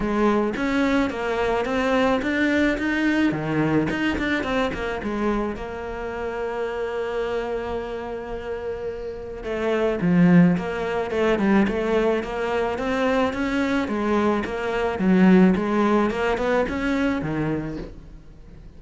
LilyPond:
\new Staff \with { instrumentName = "cello" } { \time 4/4 \tempo 4 = 108 gis4 cis'4 ais4 c'4 | d'4 dis'4 dis4 dis'8 d'8 | c'8 ais8 gis4 ais2~ | ais1~ |
ais4 a4 f4 ais4 | a8 g8 a4 ais4 c'4 | cis'4 gis4 ais4 fis4 | gis4 ais8 b8 cis'4 dis4 | }